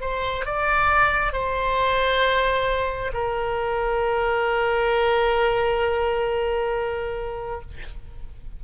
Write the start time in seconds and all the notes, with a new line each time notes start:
0.00 C5
0.45 D5
1.32 C5
3.13 A#4